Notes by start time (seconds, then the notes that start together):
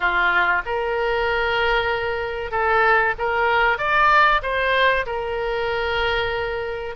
0.00 F4
0.65 A#4
2.51 A4
3.18 A#4
3.78 D5
4.42 C5
5.06 A#4